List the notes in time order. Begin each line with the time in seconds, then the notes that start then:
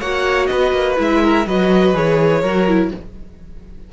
0.00 A#3 F#4 C#5 F#5
0.46 B3 B4 D#5
0.72 A#3
0.97 G#3 E4 E5
1.22 A#4
1.46 F#3 F#4 B4 D#5
1.94 E3 G#4 C#5
2.41 F#3 F#4 A#4
2.68 E4